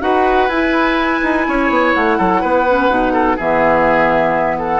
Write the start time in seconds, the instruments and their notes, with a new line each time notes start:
0.00 bassoon D#4, clarinet F#4, oboe B4, flute F#5
0.48 bassoon E4, clarinet E4, flute G#5
1.23 bassoon D#4
1.47 bassoon C#4, oboe C#5
1.69 bassoon B3
1.93 bassoon A3, flute F#5
2.17 bassoon F#3, oboe A4
2.41 bassoon B3, oboe B4
2.68 clarinet C#4
2.89 bassoon B2, clarinet D#4
3.12 oboe A4
3.36 bassoon E3, clarinet B3, oboe G#4, flute E5
4.58 oboe A4, flute F#5